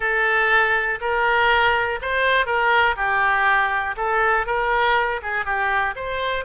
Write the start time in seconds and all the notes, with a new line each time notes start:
0.00 A4
1.00 A#4
2.01 C5
2.46 A#4
2.96 G4
3.96 A4
4.46 A#4
5.22 G#4
5.45 G4
5.95 C5